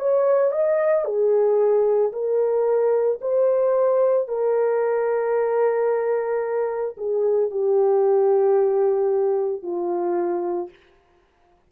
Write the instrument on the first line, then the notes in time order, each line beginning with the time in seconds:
horn
0.00 C#5
0.52 D#5
1.05 G#4
2.13 A#4
3.21 C5
4.29 A#4
6.98 G#4
7.51 G4
9.63 F4